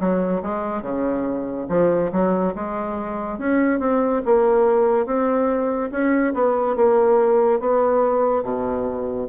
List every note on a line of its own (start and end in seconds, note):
0.00 0.42 F#3
0.43 0.82 G#3
0.82 1.67 C#3
1.69 2.11 F3
2.12 2.54 F#3
2.55 3.39 G#3
3.39 3.80 C#4
3.80 4.22 C4
4.26 5.06 A#3
5.06 5.91 C4
5.92 6.34 C#4
6.34 6.76 B3
6.76 7.61 A#3
7.61 8.43 B3
8.43 9.28 B2